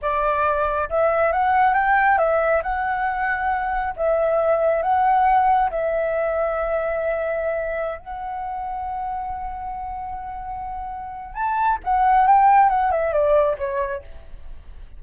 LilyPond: \new Staff \with { instrumentName = "flute" } { \time 4/4 \tempo 4 = 137 d''2 e''4 fis''4 | g''4 e''4 fis''2~ | fis''4 e''2 fis''4~ | fis''4 e''2.~ |
e''2~ e''16 fis''4.~ fis''16~ | fis''1~ | fis''2 a''4 fis''4 | g''4 fis''8 e''8 d''4 cis''4 | }